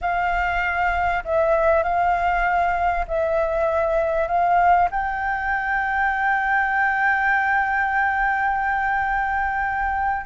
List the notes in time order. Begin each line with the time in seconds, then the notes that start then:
0.01 F5
1.24 E5
1.83 F5
3.07 E5
4.27 F5
4.91 G5